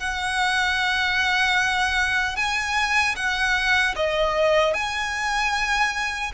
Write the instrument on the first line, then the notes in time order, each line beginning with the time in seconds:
violin
0.00 F#5
2.36 G#5
3.16 F#5
3.96 D#5
4.74 G#5